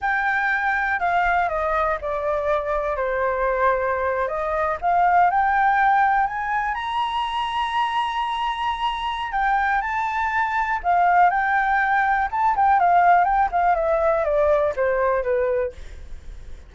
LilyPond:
\new Staff \with { instrumentName = "flute" } { \time 4/4 \tempo 4 = 122 g''2 f''4 dis''4 | d''2 c''2~ | c''8. dis''4 f''4 g''4~ g''16~ | g''8. gis''4 ais''2~ ais''16~ |
ais''2. g''4 | a''2 f''4 g''4~ | g''4 a''8 g''8 f''4 g''8 f''8 | e''4 d''4 c''4 b'4 | }